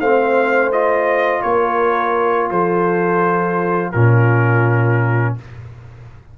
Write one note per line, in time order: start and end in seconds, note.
0.00 1.43 A3
0.00 0.73 C4
0.00 1.44 C5
0.00 0.72 F5
0.72 3.94 F4
0.72 1.42 D#5
1.42 2.51 A#3
1.42 2.51 A#4
1.42 2.49 C#5
2.51 3.94 F3
2.51 3.92 A4
2.51 3.92 C5
3.92 5.37 A#2
3.92 5.39 C#4
3.92 5.35 F4
3.92 5.35 A#4